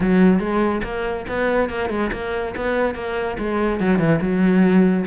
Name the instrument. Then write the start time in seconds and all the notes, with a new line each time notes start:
cello
0.00 F#3
0.39 G#3
0.83 A#3
1.28 B3
1.69 A#3
1.89 G#3
2.12 A#3
2.56 B3
2.95 A#3
3.38 G#3
3.80 F#3
3.98 E3
4.21 F#3